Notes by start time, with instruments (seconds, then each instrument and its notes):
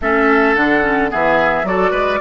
0.01 bassoon A3, clarinet C#4, oboe A4, flute E5
0.54 bassoon D3, clarinet D4, flute F#5
0.82 clarinet C#4
1.09 bassoon E3, clarinet B3, oboe G#4, flute E5
1.63 bassoon F#3, clarinet F#4, oboe A4, flute D5
1.91 bassoon G#3, oboe B4